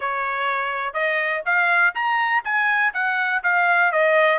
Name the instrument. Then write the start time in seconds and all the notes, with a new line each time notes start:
trumpet
0.00 C#5
0.93 D#5
1.45 F5
1.94 A#5
2.44 G#5
2.93 F#5
3.43 F5
3.92 D#5